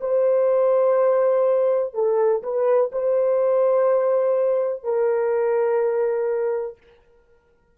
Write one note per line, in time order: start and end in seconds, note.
0.00 1.94 C5
1.94 2.42 A4
2.42 2.91 B4
2.92 4.83 C5
4.83 6.77 A#4